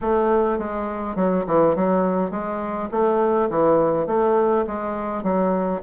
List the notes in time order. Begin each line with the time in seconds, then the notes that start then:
0.01 A3
0.58 G#3
1.15 F#3
1.46 E3
1.75 F#3
2.31 G#3
2.91 A3
3.50 E3
4.06 A3
4.66 G#3
5.23 F#3